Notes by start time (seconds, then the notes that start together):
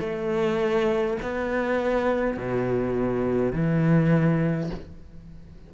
0.00 A3
1.22 B3
2.37 B2
3.53 E3